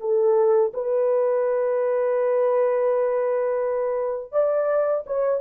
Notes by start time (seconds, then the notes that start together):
0.00 A4
0.74 B4
4.32 D5
5.06 C#5